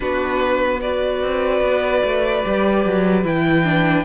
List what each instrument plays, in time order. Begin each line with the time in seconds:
0.00 cello B3, viola D4, violin F#4 B4
0.81 viola F#4, violin B4 D5
1.22 cello C4
1.61 cello B3
2.04 cello A3
2.43 cello G3, viola G4
2.85 cello F#3
3.23 cello E3, viola E4, violin G5
3.64 viola D4